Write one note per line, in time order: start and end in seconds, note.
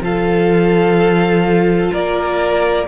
0.00 1.90 F3
0.00 2.88 F4
0.00 1.92 A4
0.00 1.94 F5
1.92 2.88 A#3
1.92 2.87 A#4
1.92 2.88 D5